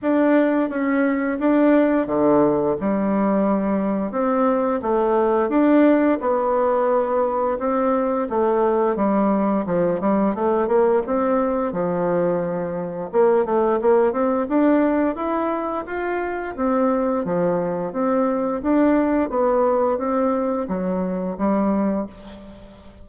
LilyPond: \new Staff \with { instrumentName = "bassoon" } { \time 4/4 \tempo 4 = 87 d'4 cis'4 d'4 d4 | g2 c'4 a4 | d'4 b2 c'4 | a4 g4 f8 g8 a8 ais8 |
c'4 f2 ais8 a8 | ais8 c'8 d'4 e'4 f'4 | c'4 f4 c'4 d'4 | b4 c'4 fis4 g4 | }